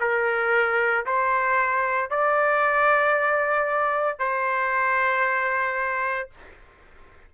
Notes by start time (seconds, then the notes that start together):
0.00 A#4
1.06 C5
2.10 D5
4.19 C5